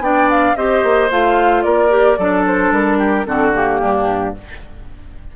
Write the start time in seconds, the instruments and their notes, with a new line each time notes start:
0.00 bassoon B3, clarinet D4, oboe D5, flute G5
0.30 flute F5
0.56 bassoon C4, clarinet G4, oboe C5, flute D#5
0.83 bassoon A#3
1.11 bassoon A3, clarinet F4, flute F5
1.63 bassoon A#3, oboe A#4, flute D5
1.90 clarinet G4
2.18 bassoon F#3, clarinet D4, oboe A4
2.47 flute C5
2.72 bassoon G3, flute A#4
2.98 oboe G4
3.26 bassoon D3, clarinet C4, oboe F#4, flute A4
3.54 clarinet A#3, flute G4
3.81 bassoon G2, oboe D4